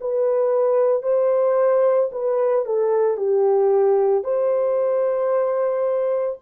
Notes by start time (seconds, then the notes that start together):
0.00 B4
1.02 C5
2.11 B4
2.65 A4
3.17 G4
4.24 C5